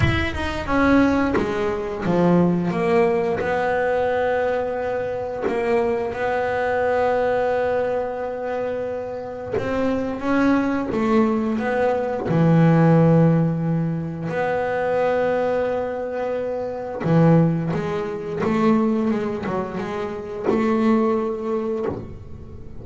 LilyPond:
\new Staff \with { instrumentName = "double bass" } { \time 4/4 \tempo 4 = 88 e'8 dis'8 cis'4 gis4 f4 | ais4 b2. | ais4 b2.~ | b2 c'4 cis'4 |
a4 b4 e2~ | e4 b2.~ | b4 e4 gis4 a4 | gis8 fis8 gis4 a2 | }